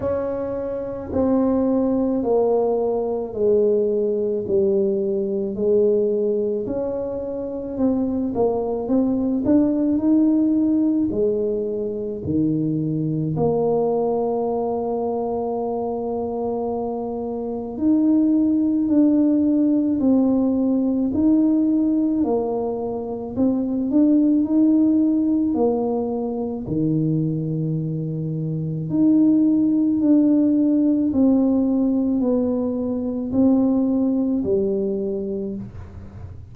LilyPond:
\new Staff \with { instrumentName = "tuba" } { \time 4/4 \tempo 4 = 54 cis'4 c'4 ais4 gis4 | g4 gis4 cis'4 c'8 ais8 | c'8 d'8 dis'4 gis4 dis4 | ais1 |
dis'4 d'4 c'4 dis'4 | ais4 c'8 d'8 dis'4 ais4 | dis2 dis'4 d'4 | c'4 b4 c'4 g4 | }